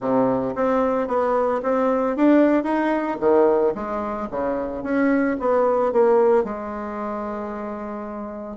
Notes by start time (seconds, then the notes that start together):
0.00 C3
0.55 C4
1.07 B3
1.62 C4
2.16 D4
2.63 D#4
3.20 D#3
3.74 G#3
4.31 C#3
4.83 C#4
5.39 B3
5.92 A#3
6.44 G#3